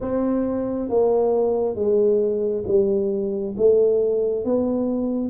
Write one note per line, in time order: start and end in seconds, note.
0.00 0.89 C4
0.89 1.75 A#3
1.75 2.63 G#3
2.67 3.55 G3
3.57 4.44 A3
4.44 5.29 B3